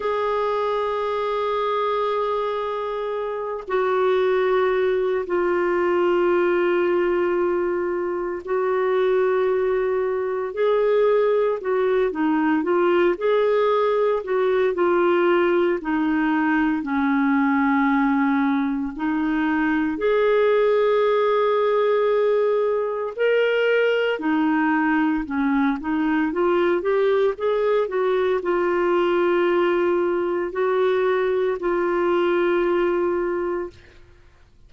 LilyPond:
\new Staff \with { instrumentName = "clarinet" } { \time 4/4 \tempo 4 = 57 gis'2.~ gis'8 fis'8~ | fis'4 f'2. | fis'2 gis'4 fis'8 dis'8 | f'8 gis'4 fis'8 f'4 dis'4 |
cis'2 dis'4 gis'4~ | gis'2 ais'4 dis'4 | cis'8 dis'8 f'8 g'8 gis'8 fis'8 f'4~ | f'4 fis'4 f'2 | }